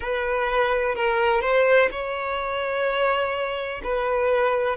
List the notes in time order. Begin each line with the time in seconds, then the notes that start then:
0.00 B4
0.95 A#4
1.41 C5
1.91 C#5
3.84 B4